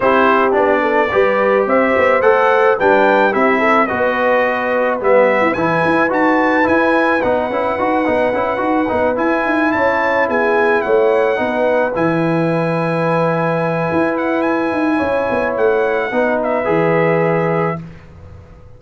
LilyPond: <<
  \new Staff \with { instrumentName = "trumpet" } { \time 4/4 \tempo 4 = 108 c''4 d''2 e''4 | fis''4 g''4 e''4 dis''4~ | dis''4 e''4 gis''4 a''4 | gis''4 fis''2.~ |
fis''8 gis''4 a''4 gis''4 fis''8~ | fis''4. gis''2~ gis''8~ | gis''4. fis''8 gis''2 | fis''4. e''2~ e''8 | }
  \new Staff \with { instrumentName = "horn" } { \time 4/4 g'4. a'8 b'4 c''4~ | c''4 b'4 g'8 a'8 b'4~ | b'1~ | b'1~ |
b'4. cis''4 gis'4 cis''8~ | cis''8 b'2.~ b'8~ | b'2. cis''4~ | cis''4 b'2. | }
  \new Staff \with { instrumentName = "trombone" } { \time 4/4 e'4 d'4 g'2 | a'4 d'4 e'4 fis'4~ | fis'4 b4 e'4 fis'4 | e'4 dis'8 e'8 fis'8 dis'8 e'8 fis'8 |
dis'8 e'2.~ e'8~ | e'8 dis'4 e'2~ e'8~ | e'1~ | e'4 dis'4 gis'2 | }
  \new Staff \with { instrumentName = "tuba" } { \time 4/4 c'4 b4 g4 c'8 b8 | a4 g4 c'4 b4~ | b4 g8. e'16 e8 e'8 dis'4 | e'4 b8 cis'8 dis'8 b8 cis'8 dis'8 |
b8 e'8 dis'8 cis'4 b4 a8~ | a8 b4 e2~ e8~ | e4 e'4. dis'8 cis'8 b8 | a4 b4 e2 | }
>>